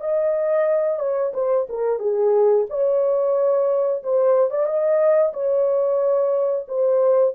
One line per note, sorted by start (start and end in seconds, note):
0.00 0.99 D#5
0.99 1.32 C#5
1.34 1.67 C5
1.69 1.99 A#4
1.99 2.66 G#4
2.69 4.03 C#5
4.03 4.50 C5
4.50 4.66 D5
4.66 5.32 D#5
5.33 6.66 C#5
6.68 7.34 C5